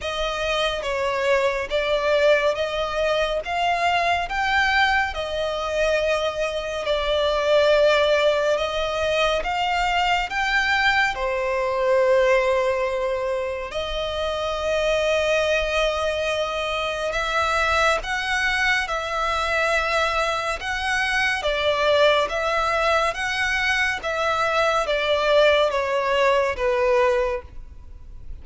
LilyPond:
\new Staff \with { instrumentName = "violin" } { \time 4/4 \tempo 4 = 70 dis''4 cis''4 d''4 dis''4 | f''4 g''4 dis''2 | d''2 dis''4 f''4 | g''4 c''2. |
dis''1 | e''4 fis''4 e''2 | fis''4 d''4 e''4 fis''4 | e''4 d''4 cis''4 b'4 | }